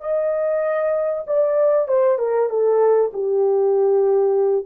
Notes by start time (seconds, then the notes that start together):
0.00 D#5
1.27 D5
1.88 C5
2.18 A#4
2.49 A4
3.13 G4